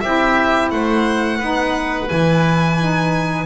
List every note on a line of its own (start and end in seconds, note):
0.00 0.71 C4
0.00 1.40 E4
0.00 0.72 G4
0.00 0.69 E5
0.71 1.40 A3
0.71 1.39 C5
0.71 2.08 F#5
1.39 2.09 B3
1.39 2.08 D#4
1.39 3.45 B4
2.08 3.46 E3
2.08 2.77 E4
2.08 3.46 G#5
2.79 3.46 D#4